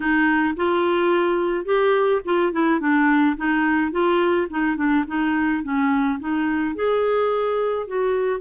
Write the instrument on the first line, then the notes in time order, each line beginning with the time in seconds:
clarinet
0.00 D#4
0.56 F4
1.65 G4
2.24 F4
2.52 E4
2.80 D4
3.36 D#4
3.91 F4
4.50 D#4
4.76 D4
5.07 D#4
5.63 C#4
6.19 D#4
6.75 G#4
7.87 F#4